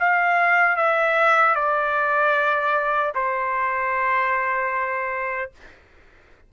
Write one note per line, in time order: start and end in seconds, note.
0.00 0.77 F5
0.77 1.56 E5
1.56 3.14 D5
3.15 5.52 C5